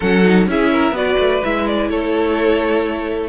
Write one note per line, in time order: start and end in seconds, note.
0.00 0.46 F#3
0.00 0.23 C#4
0.00 0.47 A4
0.00 0.48 F#5
0.23 0.47 D#4
0.46 0.91 C#4
0.46 0.94 E4
0.46 0.72 G#4
0.46 0.96 E5
0.72 0.96 A#4
0.91 1.15 B3
0.91 1.41 F#4
0.91 1.90 B4
0.91 1.43 D5
1.18 1.42 A3
1.43 1.89 G#3
1.43 3.29 E4
1.43 1.67 E5
1.67 1.89 D5
1.89 3.29 A3
1.89 3.29 A4
1.89 3.29 C#5